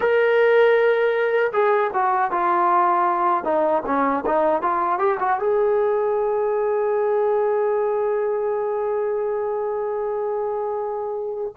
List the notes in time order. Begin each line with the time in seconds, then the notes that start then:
0.00 A#4
1.52 G#4
1.93 F#4
2.31 F4
3.44 D#4
3.86 C#4
4.26 D#4
4.62 F4
4.98 G4
5.19 F#4
5.39 G#4